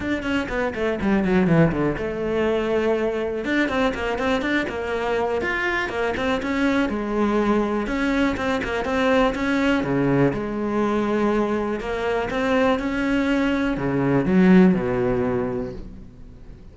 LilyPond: \new Staff \with { instrumentName = "cello" } { \time 4/4 \tempo 4 = 122 d'8 cis'8 b8 a8 g8 fis8 e8 d8 | a2. d'8 c'8 | ais8 c'8 d'8 ais4. f'4 | ais8 c'8 cis'4 gis2 |
cis'4 c'8 ais8 c'4 cis'4 | cis4 gis2. | ais4 c'4 cis'2 | cis4 fis4 b,2 | }